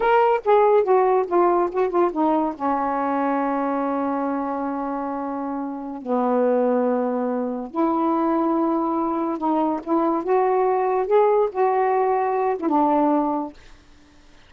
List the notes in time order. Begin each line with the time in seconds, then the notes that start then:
0.00 A#4
0.44 G#4
0.83 F#4
1.27 F4
1.71 F#4
1.89 F4
2.12 D#4
2.55 C#4
6.02 B3
7.71 E4
9.38 D#4
9.83 E4
10.23 F#4
11.06 G#4
11.51 F#4
12.59 E4
12.68 D4